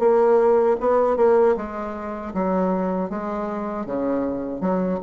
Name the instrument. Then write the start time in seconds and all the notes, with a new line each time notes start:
bassoon
0.00 A#3
0.81 B3
1.17 A#3
1.57 G#3
2.34 F#3
3.10 G#3
3.86 C#3
4.61 F#3